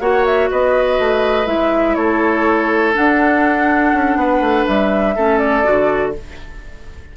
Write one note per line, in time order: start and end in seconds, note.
0.00 0.49 A#3
0.00 1.46 F#4
0.00 0.49 C#5
0.00 0.25 F#5
0.25 0.50 E5
0.51 0.99 B3
0.51 1.96 B4
0.51 1.47 D#5
0.99 1.46 A3
1.46 1.95 G#3
1.46 2.94 E4
1.46 1.94 E5
1.94 2.95 A3
1.94 4.18 A4
1.94 2.93 C#5
2.94 5.15 D4
2.94 3.93 D4
2.94 4.67 F#5
3.93 4.16 C#4
4.16 4.40 B3
4.16 5.15 B4
4.40 4.65 A3
4.67 5.16 G3
4.67 5.38 E5
5.15 5.65 A3
5.15 5.64 C#4
5.15 6.14 A4
5.38 6.12 D5
5.64 6.16 D3
5.64 6.13 F#4